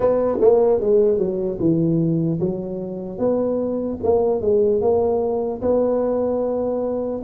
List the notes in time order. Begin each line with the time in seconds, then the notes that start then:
0.00 B3
0.40 A#3
0.80 G#3
1.17 F#3
1.59 E3
2.40 F#3
3.18 B3
4.03 A#3
4.41 G#3
4.81 A#3
5.61 B3